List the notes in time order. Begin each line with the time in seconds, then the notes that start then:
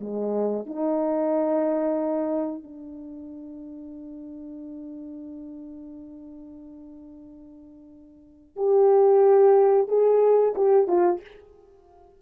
0.00 G#3
0.66 D#4
2.63 D4
8.56 G4
9.88 G#4
10.55 G4
10.87 F4